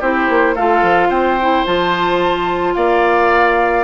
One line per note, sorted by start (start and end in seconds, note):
0.00 0.28 C4
0.00 0.56 E4
0.00 0.55 G4
0.00 0.56 C5
0.29 0.56 A#3
0.55 0.82 A3
0.55 1.40 F4
0.55 1.09 A4
0.55 1.10 F5
0.82 1.09 F3
1.09 1.64 C4
1.09 2.74 C5
1.09 1.65 G5
1.41 1.66 E4
1.66 2.76 F3
1.66 3.84 F4
1.66 2.75 A5
2.75 3.84 A#3
2.75 3.84 D5
2.75 3.84 F5